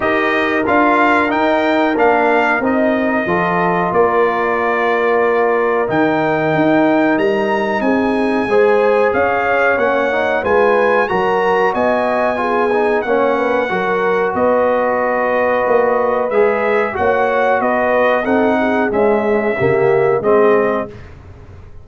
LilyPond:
<<
  \new Staff \with { instrumentName = "trumpet" } { \time 4/4 \tempo 4 = 92 dis''4 f''4 g''4 f''4 | dis''2 d''2~ | d''4 g''2 ais''4 | gis''2 f''4 fis''4 |
gis''4 ais''4 gis''2 | fis''2 dis''2~ | dis''4 e''4 fis''4 dis''4 | fis''4 e''2 dis''4 | }
  \new Staff \with { instrumentName = "horn" } { \time 4/4 ais'1~ | ais'4 a'4 ais'2~ | ais'1 | gis'4 c''4 cis''2 |
b'4 ais'4 dis''4 gis'4 | cis''8 b'8 ais'4 b'2~ | b'2 cis''4 b'4 | a'8 gis'4. g'4 gis'4 | }
  \new Staff \with { instrumentName = "trombone" } { \time 4/4 g'4 f'4 dis'4 d'4 | dis'4 f'2.~ | f'4 dis'2.~ | dis'4 gis'2 cis'8 dis'8 |
f'4 fis'2 f'8 dis'8 | cis'4 fis'2.~ | fis'4 gis'4 fis'2 | dis'4 gis4 ais4 c'4 | }
  \new Staff \with { instrumentName = "tuba" } { \time 4/4 dis'4 d'4 dis'4 ais4 | c'4 f4 ais2~ | ais4 dis4 dis'4 g4 | c'4 gis4 cis'4 ais4 |
gis4 fis4 b2 | ais4 fis4 b2 | ais4 gis4 ais4 b4 | c'4 cis'4 cis4 gis4 | }
>>